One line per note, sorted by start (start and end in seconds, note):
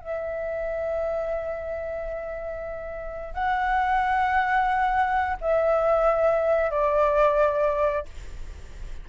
0.00 3.34 E5
3.34 5.37 F#5
5.41 6.70 E5
6.70 8.05 D5